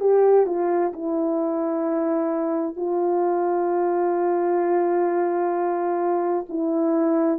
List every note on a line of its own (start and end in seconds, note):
0.00 0.46 G4
0.46 0.92 F4
0.93 2.76 E4
2.76 6.45 F4
6.49 7.38 E4